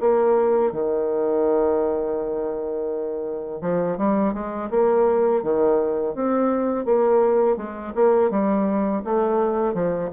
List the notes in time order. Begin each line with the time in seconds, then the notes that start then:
0.00 A#3
0.72 D#3
3.61 F3
3.97 G3
4.33 G#3
4.70 A#3
5.43 D#3
6.15 C4
6.85 A#3
7.57 G#3
7.95 A#3
8.30 G3
9.04 A3
9.74 F3